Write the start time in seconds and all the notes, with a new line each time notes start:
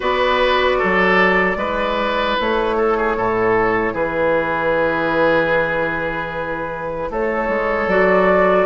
0.00 B3 F#4 B4 D5
0.78 F#3 A4
1.56 G#3 E4 B4
2.40 A3 C#5
2.77 A4
2.97 G#4
3.16 A2 A4
3.93 E3 G#4 B4
7.10 A3 A4 C#5
7.48 G#3
7.87 F#3 F#4 D5